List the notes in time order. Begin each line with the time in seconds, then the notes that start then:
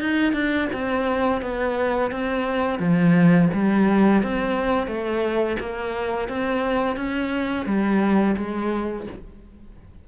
0.00 D#4
0.33 D4
0.73 C4
1.41 B3
2.11 C4
2.79 F3
3.53 G3
4.23 C4
4.87 A3
5.60 A#3
6.29 C4
6.96 C#4
7.66 G3
8.37 G#3